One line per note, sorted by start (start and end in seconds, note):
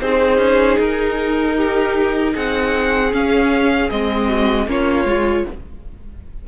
0.00 0.38 C4
0.00 3.11 D#4
0.00 1.56 G#4
0.00 0.78 C5
0.38 0.77 C#4
0.79 2.35 D#4
0.79 2.35 A#4
1.56 2.33 G4
2.33 3.13 C4
2.33 4.27 G#4
2.33 3.13 F#5
3.11 3.89 C#4
3.11 3.91 C#4
3.11 3.90 F5
3.90 4.67 G#3
3.90 4.67 C4
3.90 4.68 D#5
4.27 4.66 F#4
4.67 5.05 A#3
4.67 5.06 C#4
4.67 5.47 F4
4.67 5.48 C#5
5.05 5.44 G#3
5.05 5.47 F4